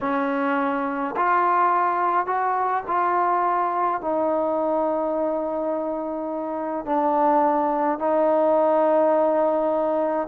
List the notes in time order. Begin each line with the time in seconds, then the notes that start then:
0.01 C#4
1.16 F4
2.26 F#4
2.87 F4
4.01 D#4
6.85 D4
7.98 D#4